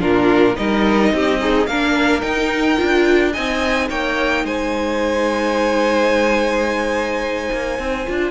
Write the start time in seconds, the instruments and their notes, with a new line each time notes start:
0.00 cello A#2, viola D4, violin F4 A#4
0.56 cello G3, viola D#4, violin A#4 D#5
1.12 cello C4, violin G4
1.41 violin D#4, viola G#4
1.66 cello A#3, viola D4, violin A#4 F5
2.21 viola D#4, cello D#4, violin G5
2.77 cello D4, viola F4
3.32 cello C4, viola D#4, violin D#5 G#5
3.89 cello A#3, violin C#5 G5
4.44 cello G#3, violin C5 G#5
7.52 cello A#3
7.78 cello C4
8.06 cello D4, viola F4